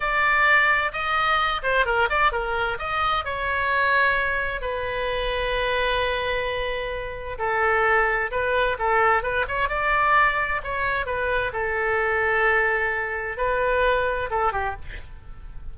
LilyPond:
\new Staff \with { instrumentName = "oboe" } { \time 4/4 \tempo 4 = 130 d''2 dis''4. c''8 | ais'8 d''8 ais'4 dis''4 cis''4~ | cis''2 b'2~ | b'1 |
a'2 b'4 a'4 | b'8 cis''8 d''2 cis''4 | b'4 a'2.~ | a'4 b'2 a'8 g'8 | }